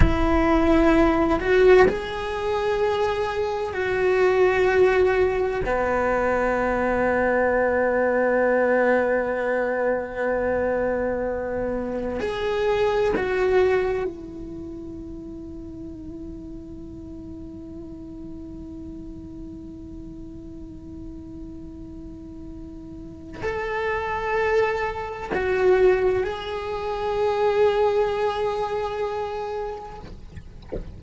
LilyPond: \new Staff \with { instrumentName = "cello" } { \time 4/4 \tempo 4 = 64 e'4. fis'8 gis'2 | fis'2 b2~ | b1~ | b4 gis'4 fis'4 e'4~ |
e'1~ | e'1~ | e'4 a'2 fis'4 | gis'1 | }